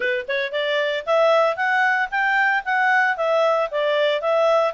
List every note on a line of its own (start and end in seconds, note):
0.00 0.25 B4
0.28 0.51 C#5
0.51 1.04 D5
1.06 1.56 E5
1.56 2.09 F#5
2.11 2.63 G5
2.65 3.16 F#5
3.16 3.69 E5
3.70 4.21 D5
4.21 4.73 E5